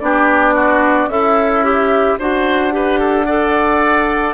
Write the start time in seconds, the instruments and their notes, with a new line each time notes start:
0.00 bassoon B3, clarinet D4, oboe G4, flute D5
0.54 oboe F#4
1.07 bassoon C#4, oboe E4, clarinet A4, flute E5
1.64 clarinet G4
2.19 bassoon D4, clarinet F#4, oboe C5, flute F#5
2.71 clarinet G4, oboe B4
2.99 oboe A4
3.26 clarinet A4, oboe D5